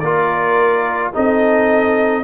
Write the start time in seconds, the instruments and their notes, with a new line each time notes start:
0.00 tuba A#3, trombone F4, horn A#4, trumpet D5
1.13 tuba C4, trombone D#4, horn A4, trumpet D#5